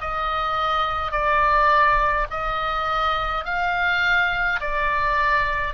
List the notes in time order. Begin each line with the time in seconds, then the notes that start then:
0.00 D#5
1.11 D5
2.30 D#5
3.45 F5
4.60 D5